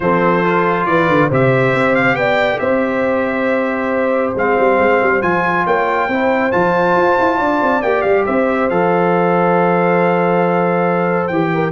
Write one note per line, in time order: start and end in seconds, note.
0.00 0.86 F3
0.00 0.44 C4
0.00 0.87 A4
0.00 0.85 C5
0.44 1.31 F4
0.85 1.08 E3
0.85 1.29 B4
0.85 1.29 D5
1.08 1.29 D3
1.29 1.74 C3
1.29 4.36 G4
1.29 2.16 C5
1.29 1.95 E5
1.74 2.14 C4
1.95 2.15 F5
2.14 2.58 B3
2.14 2.61 D5
2.14 2.59 G5
2.59 4.33 C4
2.59 5.65 C5
2.59 4.33 E5
4.35 4.57 G#3
4.35 5.22 C4
4.35 5.22 F5
4.58 4.78 G3
4.78 5.00 G#3
5.02 5.22 G3
5.22 5.65 F3
5.22 6.09 F4
5.22 5.65 G#5
5.65 6.08 A#3
5.65 6.08 C#5
5.65 6.51 G5
6.08 6.51 C4
6.08 6.51 E4
6.08 7.37 C5
6.51 6.96 F3
6.51 7.82 F4
6.51 7.81 A5
6.96 7.17 F4
7.19 7.39 E4
7.37 7.61 D4
7.37 8.24 D5
7.62 7.82 C4
7.81 8.04 A#3
7.81 8.70 G4
7.81 8.01 G5
8.01 8.26 G3
8.01 8.23 F5
8.25 8.70 C4
8.25 11.52 C5
8.25 8.69 E5
8.69 11.29 F3
8.69 11.31 A4
8.69 11.27 F5
11.27 11.72 E3
11.27 11.72 G4
11.27 11.70 G5
11.54 11.72 A#4